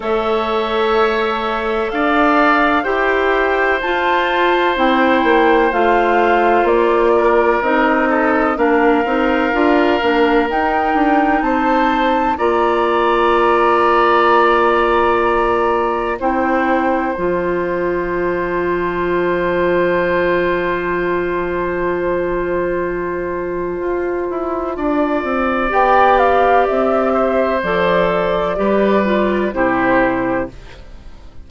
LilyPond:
<<
  \new Staff \with { instrumentName = "flute" } { \time 4/4 \tempo 4 = 63 e''2 f''4 g''4 | a''4 g''4 f''4 d''4 | dis''4 f''2 g''4 | a''4 ais''2.~ |
ais''4 g''4 a''2~ | a''1~ | a''2. g''8 f''8 | e''4 d''2 c''4 | }
  \new Staff \with { instrumentName = "oboe" } { \time 4/4 cis''2 d''4 c''4~ | c''2.~ c''8 ais'8~ | ais'8 a'8 ais'2. | c''4 d''2.~ |
d''4 c''2.~ | c''1~ | c''2 d''2~ | d''8 c''4. b'4 g'4 | }
  \new Staff \with { instrumentName = "clarinet" } { \time 4/4 a'2. g'4 | f'4 e'4 f'2 | dis'4 d'8 dis'8 f'8 d'8 dis'4~ | dis'4 f'2.~ |
f'4 e'4 f'2~ | f'1~ | f'2. g'4~ | g'4 a'4 g'8 f'8 e'4 | }
  \new Staff \with { instrumentName = "bassoon" } { \time 4/4 a2 d'4 e'4 | f'4 c'8 ais8 a4 ais4 | c'4 ais8 c'8 d'8 ais8 dis'8 d'8 | c'4 ais2.~ |
ais4 c'4 f2~ | f1~ | f4 f'8 e'8 d'8 c'8 b4 | c'4 f4 g4 c4 | }
>>